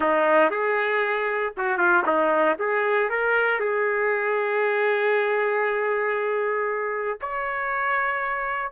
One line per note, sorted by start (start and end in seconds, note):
0.00 0.50 D#4
0.50 1.53 G#4
1.57 1.77 F#4
1.77 2.03 F4
2.05 2.57 D#4
2.58 3.09 G#4
3.09 3.59 A#4
3.59 7.18 G#4
7.21 8.71 C#5